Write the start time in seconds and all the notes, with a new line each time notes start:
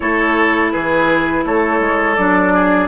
0.00 A3 E4 A4 C#5
0.71 E3 G#4 B4
1.44 A3 A4 C#5
1.80 G#3
2.15 F#3 D4 D5
2.53 G#4